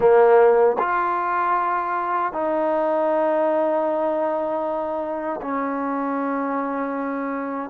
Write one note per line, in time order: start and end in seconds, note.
0.00 0.76 A#3
0.78 2.32 F4
2.33 5.40 D#4
5.41 7.70 C#4